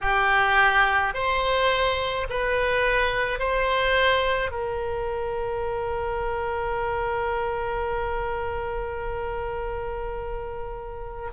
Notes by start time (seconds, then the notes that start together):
0.01 G4
1.13 C5
2.29 B4
3.39 C5
4.51 A#4